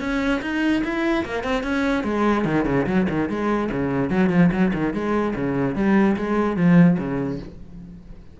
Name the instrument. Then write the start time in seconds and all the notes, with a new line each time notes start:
cello
0.00 C#4
0.42 D#4
0.84 E4
1.25 A#3
1.43 C4
1.63 C#4
2.04 G#3
2.45 D#3
2.65 C#3
2.87 F#3
3.09 D#3
3.29 G#3
3.72 C#3
4.10 F#3
4.30 F3
4.52 F#3
4.74 D#3
4.94 G#3
5.36 C#3
5.75 G3
6.17 G#3
6.57 F3
6.98 C#3